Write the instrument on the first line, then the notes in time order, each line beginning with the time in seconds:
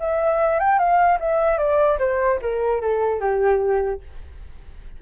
flute
0.00 E5
0.60 G5
0.79 F5
1.20 E5
1.58 D5
1.99 C5
2.42 A#4
2.81 A4
3.20 G4